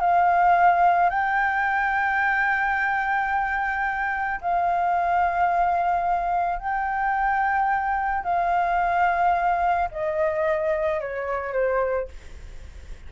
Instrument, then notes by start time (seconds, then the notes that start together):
flute
0.00 F5
1.10 G5
4.41 F5
6.59 G5
8.23 F5
9.91 D#5
11.00 C#5
11.53 C5